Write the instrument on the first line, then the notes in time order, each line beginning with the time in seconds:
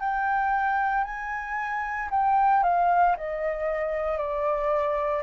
flute
0.00 G5
1.03 G#5
2.10 G5
2.63 F5
3.16 D#5
4.17 D5